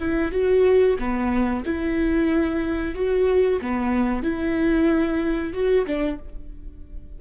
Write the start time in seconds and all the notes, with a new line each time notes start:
0.00 E4
0.32 F#4
0.99 B3
1.66 E4
2.95 F#4
3.62 B3
4.23 E4
5.54 F#4
5.87 D4